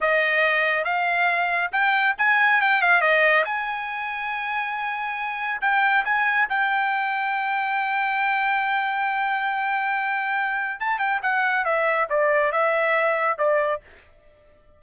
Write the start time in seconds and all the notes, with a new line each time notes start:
0.00 D#5
0.84 F5
1.72 G5
2.18 G#5
2.61 G5
2.81 F5
3.01 D#5
3.44 G#5
5.61 G5
6.04 G#5
6.49 G5
10.80 A5
10.98 G5
11.22 F#5
11.64 E5
12.09 D5
12.52 E5
13.37 D5